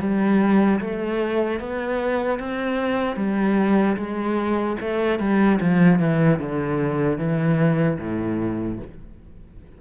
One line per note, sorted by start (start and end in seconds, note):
0.00 0.80 G3
0.80 1.60 A3
1.60 2.40 B3
2.40 3.16 C4
3.16 3.96 G3
3.97 4.77 G#3
4.81 5.20 A3
5.20 5.60 G3
5.61 6.00 F3
6.00 6.40 E3
6.40 7.19 D3
7.19 7.99 E3
7.99 8.79 A2